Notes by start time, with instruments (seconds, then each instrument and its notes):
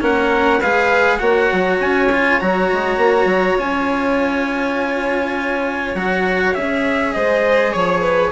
0.00 bassoon A#3, cello C#4, violin A#4, trumpet F#5
0.59 bassoon G#3, cello G#4, violin B4, trumpet F5
1.17 bassoon A#3, cello F#4, violin C#5, trumpet F#5
1.52 bassoon F#3
1.79 bassoon C#4, trumpet G#5
2.12 cello F4
2.39 bassoon F#3, cello F#4, trumpet A#5
2.72 bassoon G#3
2.97 bassoon A#3
3.25 bassoon F#3
3.58 bassoon C#4, cello F4, trumpet G#5
5.94 bassoon F#3, cello F#4, trumpet F#5
6.54 bassoon C#4, cello G#4, trumpet E5
7.12 bassoon G#3, violin C5, trumpet D#5
7.72 bassoon F3, trumpet C#5, violin C#5
8.01 violin B4